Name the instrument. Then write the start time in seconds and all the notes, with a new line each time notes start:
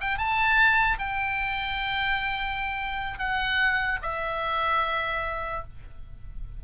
oboe
0.00 G5
0.17 A5
0.98 G5
3.18 F#5
4.02 E5